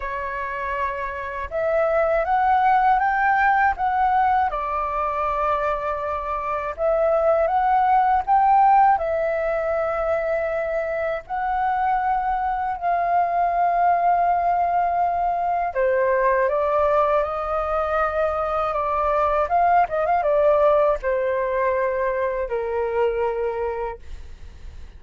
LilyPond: \new Staff \with { instrumentName = "flute" } { \time 4/4 \tempo 4 = 80 cis''2 e''4 fis''4 | g''4 fis''4 d''2~ | d''4 e''4 fis''4 g''4 | e''2. fis''4~ |
fis''4 f''2.~ | f''4 c''4 d''4 dis''4~ | dis''4 d''4 f''8 dis''16 f''16 d''4 | c''2 ais'2 | }